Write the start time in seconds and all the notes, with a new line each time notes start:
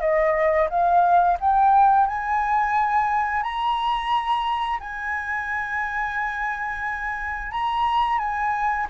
0.00 D#5
0.69 F5
1.39 G5
2.06 G#5
3.42 A#5
4.80 G#5
7.51 A#5
8.18 G#5